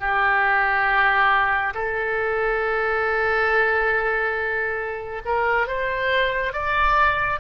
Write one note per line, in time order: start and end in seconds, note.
0.00 1.74 G4
1.74 5.22 A4
5.25 5.67 A#4
5.67 6.53 C5
6.53 7.40 D5